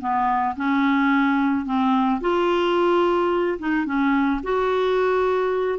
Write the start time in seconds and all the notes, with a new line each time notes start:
0.00 B3
0.56 C#4
1.65 C4
2.21 F4
3.59 D#4
3.85 C#4
4.43 F#4